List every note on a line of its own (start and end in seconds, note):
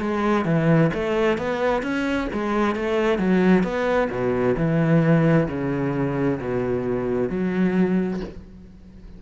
0.00 0.45 G#3
0.45 0.90 E3
0.93 1.38 A3
1.38 1.82 B3
1.82 2.28 C#4
2.33 2.75 G#3
2.75 3.18 A3
3.18 3.63 F#3
3.63 4.09 B3
4.10 4.56 B2
4.57 5.48 E3
5.48 6.39 C#3
6.40 7.29 B2
7.29 8.20 F#3